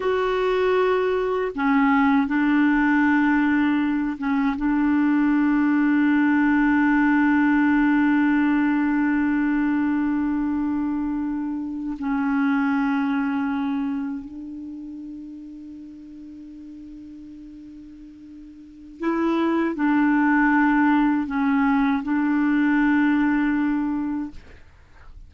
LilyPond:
\new Staff \with { instrumentName = "clarinet" } { \time 4/4 \tempo 4 = 79 fis'2 cis'4 d'4~ | d'4. cis'8 d'2~ | d'1~ | d'2.~ d'8. cis'16~ |
cis'2~ cis'8. d'4~ d'16~ | d'1~ | d'4 e'4 d'2 | cis'4 d'2. | }